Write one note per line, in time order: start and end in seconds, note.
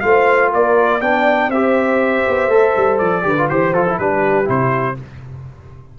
0.00 0.53 A3
0.00 1.01 F4
0.00 0.50 C5
0.00 0.50 F5
0.50 1.01 A#3
0.50 0.99 A#4
0.50 1.01 D5
1.00 1.48 B3
1.00 1.52 D4
1.00 1.49 D5
1.00 1.51 G5
1.48 2.22 C4
1.48 2.50 G4
1.48 3.25 C5
1.48 2.98 E5
2.28 2.46 B3
2.46 2.71 A3
2.46 3.22 A4
2.76 3.01 G3
2.98 3.24 F3
2.98 3.48 D5
3.22 3.49 D3
3.22 3.34 G4
3.22 3.51 B4
3.38 3.50 F4
3.49 3.73 E3
3.49 3.74 G4
3.49 3.73 C5
3.49 3.98 C5
3.73 3.98 F3
3.73 3.87 F4
3.73 3.98 A4
3.88 4.00 E4
3.98 4.48 G3
3.98 4.45 D4
3.98 4.97 G4
3.98 4.48 B4
4.45 4.98 C3
4.45 4.94 E4
4.45 4.99 C5